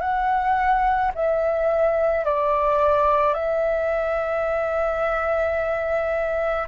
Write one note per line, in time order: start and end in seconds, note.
0.00 1.11 F#5
1.15 2.24 E5
2.24 3.34 D5
3.34 6.67 E5